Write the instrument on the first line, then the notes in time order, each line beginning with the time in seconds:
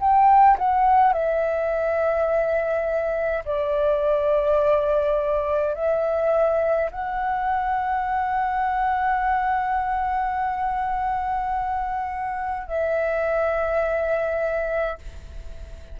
flute
0.00 G5
0.58 F#5
1.13 E5
3.45 D5
5.75 E5
6.91 F#5
12.68 E5